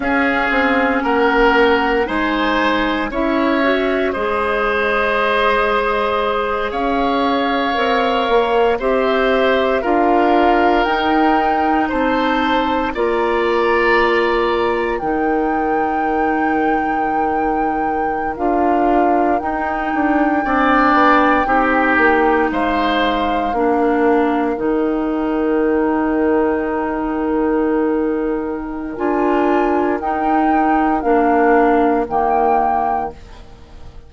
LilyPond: <<
  \new Staff \with { instrumentName = "flute" } { \time 4/4 \tempo 4 = 58 f''4 fis''4 gis''4 e''4 | dis''2~ dis''8 f''4.~ | f''8 e''4 f''4 g''4 a''8~ | a''8 ais''2 g''4.~ |
g''4.~ g''16 f''4 g''4~ g''16~ | g''4.~ g''16 f''2 g''16~ | g''1 | gis''4 g''4 f''4 g''4 | }
  \new Staff \with { instrumentName = "oboe" } { \time 4/4 gis'4 ais'4 c''4 cis''4 | c''2~ c''8 cis''4.~ | cis''8 c''4 ais'2 c''8~ | c''8 d''2 ais'4.~ |
ais'2.~ ais'8. d''16~ | d''8. g'4 c''4 ais'4~ ais'16~ | ais'1~ | ais'1 | }
  \new Staff \with { instrumentName = "clarinet" } { \time 4/4 cis'2 dis'4 e'8 fis'8 | gis'2.~ gis'8 ais'8~ | ais'8 g'4 f'4 dis'4.~ | dis'8 f'2 dis'4.~ |
dis'4.~ dis'16 f'4 dis'4 d'16~ | d'8. dis'2 d'4 dis'16~ | dis'1 | f'4 dis'4 d'4 ais4 | }
  \new Staff \with { instrumentName = "bassoon" } { \time 4/4 cis'8 c'8 ais4 gis4 cis'4 | gis2~ gis8 cis'4 c'8 | ais8 c'4 d'4 dis'4 c'8~ | c'8 ais2 dis4.~ |
dis4.~ dis16 d'4 dis'8 d'8 c'16~ | c'16 b8 c'8 ais8 gis4 ais4 dis16~ | dis1 | d'4 dis'4 ais4 dis4 | }
>>